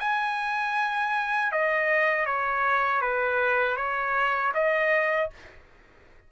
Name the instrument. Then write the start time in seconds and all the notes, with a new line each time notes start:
trumpet
0.00 G#5
1.52 D#5
2.26 C#5
3.01 B4
3.77 C#5
4.54 D#5